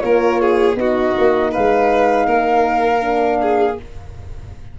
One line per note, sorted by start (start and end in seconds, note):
0.00 0.76 A#3
0.00 0.76 F4
0.00 0.42 A#4
0.00 0.75 C#5
0.42 0.79 G#4
0.76 1.13 B3
0.76 3.01 D#4
0.76 1.52 F#4
0.76 1.52 D#5
1.18 1.56 A#3
1.52 2.27 G#3
1.52 2.27 B4
1.52 3.78 F5
2.27 3.77 A#3
2.27 3.40 A#4
3.01 3.76 D4
3.42 3.80 G#4